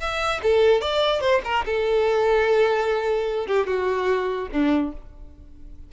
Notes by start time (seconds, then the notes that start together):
0.00 E5
0.43 A4
0.81 D5
1.21 C5
1.45 A#4
1.65 A4
3.47 G4
3.67 F#4
4.52 D4